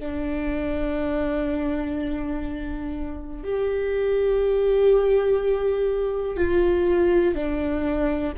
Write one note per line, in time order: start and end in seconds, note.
0.00 3.44 D4
3.44 6.37 G4
6.37 7.35 F4
7.35 8.33 D4